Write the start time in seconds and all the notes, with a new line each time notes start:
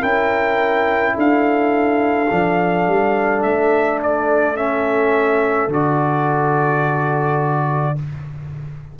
0.00 C#4 E4 A#4 G5
1.14 D4 A4 F5
2.31 F3 D4
2.87 G3
3.42 A3 E5
4.03 D5
4.56 C#4 E5
5.68 D3 F#4 D5